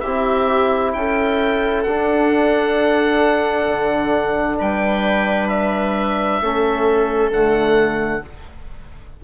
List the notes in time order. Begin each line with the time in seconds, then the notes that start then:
0.00 C4 E4 G4 E5
0.93 C#4 A4 G5
1.83 D4 F#5
3.67 D3
4.59 G3 B4 G5
5.48 E5
6.41 A3 C#4 A4
7.30 D3 A3 F#5